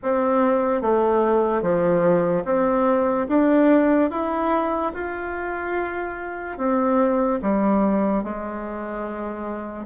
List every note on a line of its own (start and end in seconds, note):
0.03 0.81 C4
0.81 1.61 A3
1.61 2.44 F3
2.44 3.27 C4
3.28 4.10 D4
4.10 4.92 E4
4.93 6.57 F4
6.57 7.39 C4
7.42 8.23 G3
8.23 9.85 G#3